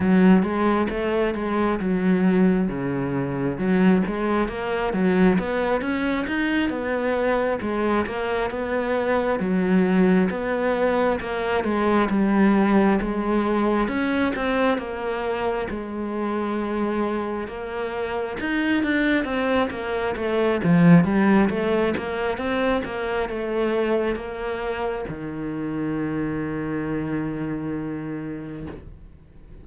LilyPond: \new Staff \with { instrumentName = "cello" } { \time 4/4 \tempo 4 = 67 fis8 gis8 a8 gis8 fis4 cis4 | fis8 gis8 ais8 fis8 b8 cis'8 dis'8 b8~ | b8 gis8 ais8 b4 fis4 b8~ | b8 ais8 gis8 g4 gis4 cis'8 |
c'8 ais4 gis2 ais8~ | ais8 dis'8 d'8 c'8 ais8 a8 f8 g8 | a8 ais8 c'8 ais8 a4 ais4 | dis1 | }